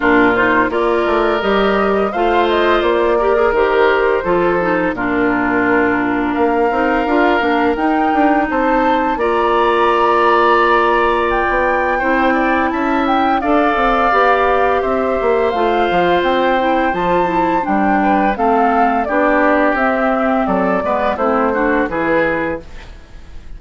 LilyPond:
<<
  \new Staff \with { instrumentName = "flute" } { \time 4/4 \tempo 4 = 85 ais'8 c''8 d''4 dis''4 f''8 dis''8 | d''4 c''2 ais'4~ | ais'4 f''2 g''4 | a''4 ais''2. |
g''2 a''8 g''8 f''4~ | f''4 e''4 f''4 g''4 | a''4 g''4 f''4 d''4 | e''4 d''4 c''4 b'4 | }
  \new Staff \with { instrumentName = "oboe" } { \time 4/4 f'4 ais'2 c''4~ | c''8 ais'4. a'4 f'4~ | f'4 ais'2. | c''4 d''2.~ |
d''4 c''8 d''8 e''4 d''4~ | d''4 c''2.~ | c''4. b'8 a'4 g'4~ | g'4 a'8 b'8 e'8 fis'8 gis'4 | }
  \new Staff \with { instrumentName = "clarinet" } { \time 4/4 d'8 dis'8 f'4 g'4 f'4~ | f'8 g'16 gis'16 g'4 f'8 dis'8 d'4~ | d'4. dis'8 f'8 d'8 dis'4~ | dis'4 f'2.~ |
f'4 e'2 a'4 | g'2 f'4. e'8 | f'8 e'8 d'4 c'4 d'4 | c'4. b8 c'8 d'8 e'4 | }
  \new Staff \with { instrumentName = "bassoon" } { \time 4/4 ais,4 ais8 a8 g4 a4 | ais4 dis4 f4 ais,4~ | ais,4 ais8 c'8 d'8 ais8 dis'8 d'8 | c'4 ais2.~ |
ais16 b8. c'4 cis'4 d'8 c'8 | b4 c'8 ais8 a8 f8 c'4 | f4 g4 a4 b4 | c'4 fis8 gis8 a4 e4 | }
>>